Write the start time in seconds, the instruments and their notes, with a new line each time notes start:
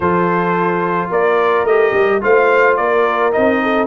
0.00 tuba F3, trombone F4, horn A4, trumpet C5
1.10 tuba A#3, horn A#4, trumpet D5
1.64 tuba A3, trombone G4, trumpet D#5
1.93 tuba G3
2.21 tuba A3, trombone F4, horn C5, trumpet F5
2.76 tuba A#3, horn A#4, trumpet D5
3.32 tuba C4, trombone D#4, trumpet D#5
3.62 horn A4